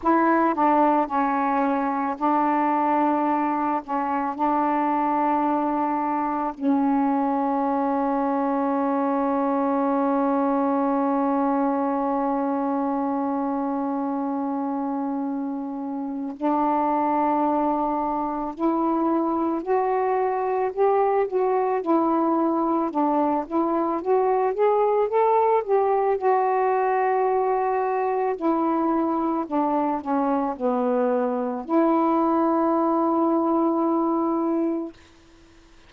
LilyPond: \new Staff \with { instrumentName = "saxophone" } { \time 4/4 \tempo 4 = 55 e'8 d'8 cis'4 d'4. cis'8 | d'2 cis'2~ | cis'1~ | cis'2. d'4~ |
d'4 e'4 fis'4 g'8 fis'8 | e'4 d'8 e'8 fis'8 gis'8 a'8 g'8 | fis'2 e'4 d'8 cis'8 | b4 e'2. | }